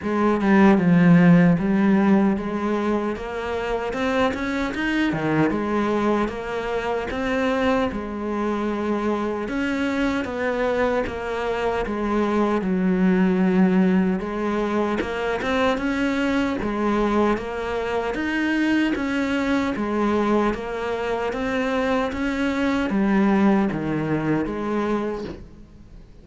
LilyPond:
\new Staff \with { instrumentName = "cello" } { \time 4/4 \tempo 4 = 76 gis8 g8 f4 g4 gis4 | ais4 c'8 cis'8 dis'8 dis8 gis4 | ais4 c'4 gis2 | cis'4 b4 ais4 gis4 |
fis2 gis4 ais8 c'8 | cis'4 gis4 ais4 dis'4 | cis'4 gis4 ais4 c'4 | cis'4 g4 dis4 gis4 | }